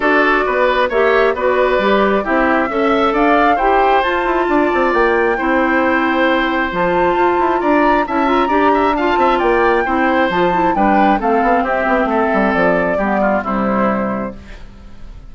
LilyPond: <<
  \new Staff \with { instrumentName = "flute" } { \time 4/4 \tempo 4 = 134 d''2 e''4 d''4~ | d''4 e''2 f''4 | g''4 a''2 g''4~ | g''2. a''4~ |
a''4 ais''4 a''8 ais''4. | a''4 g''2 a''4 | g''4 f''4 e''2 | d''2 c''2 | }
  \new Staff \with { instrumentName = "oboe" } { \time 4/4 a'4 b'4 cis''4 b'4~ | b'4 g'4 e''4 d''4 | c''2 d''2 | c''1~ |
c''4 d''4 e''4 d''8 e''8 | f''8 e''8 d''4 c''2 | b'4 a'4 g'4 a'4~ | a'4 g'8 f'8 e'2 | }
  \new Staff \with { instrumentName = "clarinet" } { \time 4/4 fis'2 g'4 fis'4 | g'4 e'4 a'2 | g'4 f'2. | e'2. f'4~ |
f'2 e'8 f'8 g'4 | f'2 e'4 f'8 e'8 | d'4 c'2.~ | c'4 b4 g2 | }
  \new Staff \with { instrumentName = "bassoon" } { \time 4/4 d'4 b4 ais4 b4 | g4 c'4 cis'4 d'4 | e'4 f'8 e'8 d'8 c'8 ais4 | c'2. f4 |
f'8 e'8 d'4 cis'4 d'4~ | d'8 c'8 ais4 c'4 f4 | g4 a8 b8 c'8 b8 a8 g8 | f4 g4 c2 | }
>>